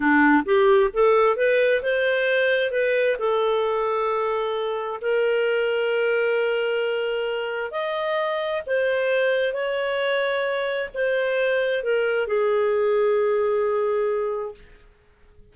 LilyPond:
\new Staff \with { instrumentName = "clarinet" } { \time 4/4 \tempo 4 = 132 d'4 g'4 a'4 b'4 | c''2 b'4 a'4~ | a'2. ais'4~ | ais'1~ |
ais'4 dis''2 c''4~ | c''4 cis''2. | c''2 ais'4 gis'4~ | gis'1 | }